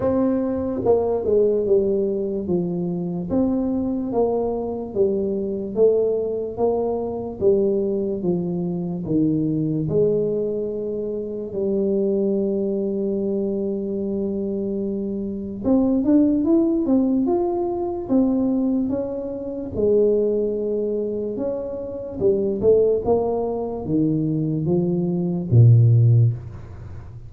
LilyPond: \new Staff \with { instrumentName = "tuba" } { \time 4/4 \tempo 4 = 73 c'4 ais8 gis8 g4 f4 | c'4 ais4 g4 a4 | ais4 g4 f4 dis4 | gis2 g2~ |
g2. c'8 d'8 | e'8 c'8 f'4 c'4 cis'4 | gis2 cis'4 g8 a8 | ais4 dis4 f4 ais,4 | }